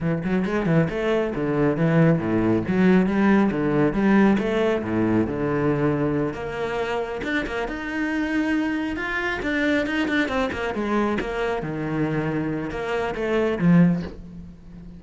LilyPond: \new Staff \with { instrumentName = "cello" } { \time 4/4 \tempo 4 = 137 e8 fis8 gis8 e8 a4 d4 | e4 a,4 fis4 g4 | d4 g4 a4 a,4 | d2~ d8 ais4.~ |
ais8 d'8 ais8 dis'2~ dis'8~ | dis'8 f'4 d'4 dis'8 d'8 c'8 | ais8 gis4 ais4 dis4.~ | dis4 ais4 a4 f4 | }